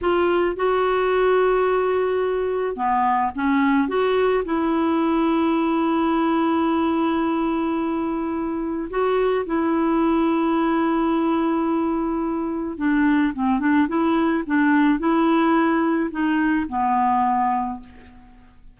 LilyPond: \new Staff \with { instrumentName = "clarinet" } { \time 4/4 \tempo 4 = 108 f'4 fis'2.~ | fis'4 b4 cis'4 fis'4 | e'1~ | e'1 |
fis'4 e'2.~ | e'2. d'4 | c'8 d'8 e'4 d'4 e'4~ | e'4 dis'4 b2 | }